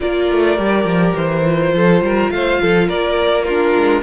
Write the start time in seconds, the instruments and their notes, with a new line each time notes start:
0.00 cello A#3, viola F4, violin A#4 D5
0.31 cello A3
0.56 cello G3, viola G4
0.84 cello F3
1.15 cello E3, violin C5
1.44 viola F4
1.72 cello F3, violin A4
2.01 cello G3, violin A#4
2.30 cello A3, violin C5 F5
2.61 cello F3, violin A4
2.88 cello A#3, violin A#4 D5
3.43 violin F4 A#4
3.49 viola D4
3.76 cello G#3